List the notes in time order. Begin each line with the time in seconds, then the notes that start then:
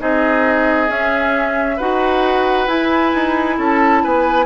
0.00 C4 D#4 G#4 D#5
0.88 C#4 E5
1.77 D#4 F#4 B4 F#5
2.68 E4 G#5
3.15 D#4
3.58 C#4 A4 A5
4.04 B3 B4 G#5